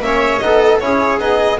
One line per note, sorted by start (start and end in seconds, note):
0.00 0.39 A#3
0.00 0.41 C#4
0.00 0.39 E5
0.07 0.44 C#5
0.39 0.82 B3
0.39 0.81 D#4
0.39 0.84 A4
0.39 0.78 D#5
0.80 1.19 C#4
0.80 1.20 E4
0.80 1.60 G#4
0.80 1.19 C#5
1.19 1.58 B3
1.19 1.59 D#4
1.19 1.60 D#5